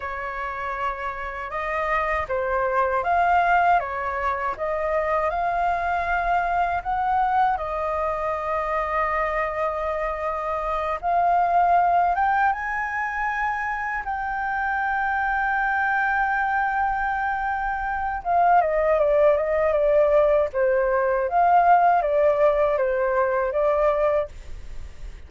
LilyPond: \new Staff \with { instrumentName = "flute" } { \time 4/4 \tempo 4 = 79 cis''2 dis''4 c''4 | f''4 cis''4 dis''4 f''4~ | f''4 fis''4 dis''2~ | dis''2~ dis''8 f''4. |
g''8 gis''2 g''4.~ | g''1 | f''8 dis''8 d''8 dis''8 d''4 c''4 | f''4 d''4 c''4 d''4 | }